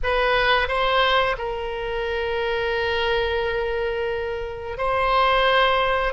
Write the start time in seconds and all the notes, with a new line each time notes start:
0.03 B4
0.68 C5
1.38 A#4
4.77 C5